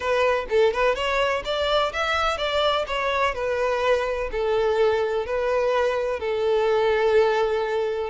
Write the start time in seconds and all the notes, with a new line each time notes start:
0.00 B4
0.49 A4
0.73 B4
0.95 C#5
1.44 D5
1.92 E5
2.37 D5
2.87 C#5
3.34 B4
4.31 A4
5.26 B4
6.19 A4